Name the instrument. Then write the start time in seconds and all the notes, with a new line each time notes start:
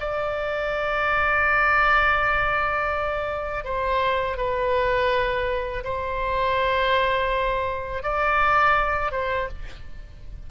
oboe
0.00 D5
3.65 C5
4.37 B4
5.84 C5
8.03 D5
9.12 C5